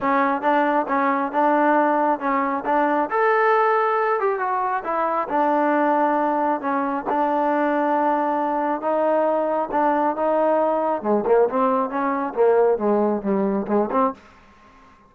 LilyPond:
\new Staff \with { instrumentName = "trombone" } { \time 4/4 \tempo 4 = 136 cis'4 d'4 cis'4 d'4~ | d'4 cis'4 d'4 a'4~ | a'4. g'8 fis'4 e'4 | d'2. cis'4 |
d'1 | dis'2 d'4 dis'4~ | dis'4 gis8 ais8 c'4 cis'4 | ais4 gis4 g4 gis8 c'8 | }